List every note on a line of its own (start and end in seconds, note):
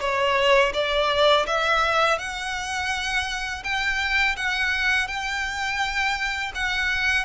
0.00 0.72 C#5
0.73 1.46 D5
1.46 2.19 E5
2.19 3.63 F#5
3.63 4.36 G5
4.36 5.07 F#5
5.07 6.52 G5
6.55 7.25 F#5